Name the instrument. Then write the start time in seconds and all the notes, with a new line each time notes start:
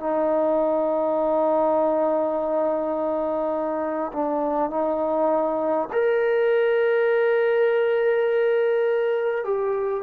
trombone
0.00 D#4
4.13 D4
4.71 D#4
5.93 A#4
9.45 G4